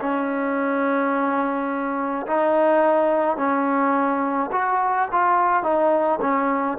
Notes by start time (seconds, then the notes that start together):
0.00 C#4
2.26 D#4
3.37 C#4
4.52 F#4
5.12 F4
5.63 D#4
6.21 C#4